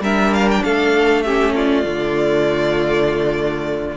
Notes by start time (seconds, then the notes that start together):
0.00 G3 D4 A#4 E5
0.34 F5
0.51 G5
0.63 A3 A4 F5
1.23 C#4 G4 E5
1.55 F4 D5
1.84 D3 A3